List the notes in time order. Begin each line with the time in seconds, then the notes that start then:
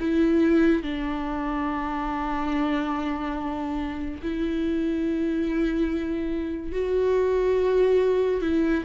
0.00 E4
0.83 D4
4.22 E4
6.72 F#4
8.41 E4